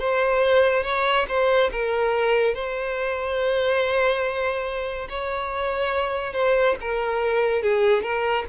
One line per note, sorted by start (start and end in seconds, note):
0.00 0.84 C5
0.84 1.26 C#5
1.29 1.71 C5
1.72 2.55 A#4
2.55 5.08 C5
5.10 6.34 C#5
6.34 6.76 C5
6.81 7.63 A#4
7.63 8.03 G#4
8.03 8.45 A#4